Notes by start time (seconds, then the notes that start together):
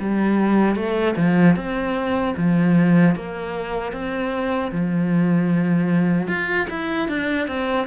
0.00 G3
0.76 A3
1.16 F3
1.56 C4
2.37 F3
3.16 A#3
3.93 C4
4.72 F3
6.28 F4
6.70 E4
7.08 D4
7.48 C4